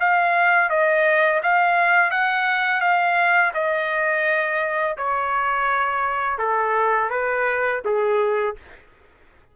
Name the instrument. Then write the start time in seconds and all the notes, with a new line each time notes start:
trumpet
0.00 F5
0.70 D#5
1.43 F5
2.11 F#5
2.81 F5
3.54 D#5
4.97 C#5
6.39 A4
7.10 B4
7.85 G#4